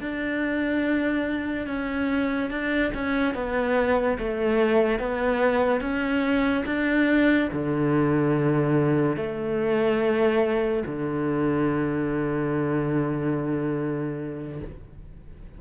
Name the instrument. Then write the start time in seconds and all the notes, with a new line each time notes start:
cello
0.00 D4
1.67 C#4
2.50 D4
2.94 C#4
3.34 B3
4.18 A3
4.99 B3
5.80 C#4
6.65 D4
7.52 D3
9.16 A3
10.86 D3